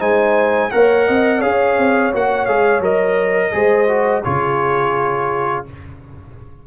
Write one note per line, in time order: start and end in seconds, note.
0.00 0.72 G#3
0.00 0.71 D#4
0.00 0.71 C5
0.00 0.71 G#5
0.71 1.09 A#3
0.71 1.42 A#4
0.71 1.08 C#5
0.71 1.42 F#5
1.08 1.44 C4
1.08 1.40 D#5
1.40 1.79 C#4
1.40 2.13 G#4
1.40 3.51 C#5
1.40 2.12 F5
1.79 2.14 C4
2.13 2.48 A#3
2.13 2.49 F#4
2.13 2.46 F#5
2.46 2.80 G#3
2.46 2.82 G#4
2.46 2.81 F5
2.80 3.51 F#3
2.80 3.52 A#4
2.80 4.24 D#5
3.52 4.25 G#3
3.52 3.88 G#4
3.52 4.24 C5
3.88 4.24 F#4
4.24 5.67 C#3
4.24 5.66 F4
4.24 5.65 G#4
4.24 5.65 C#5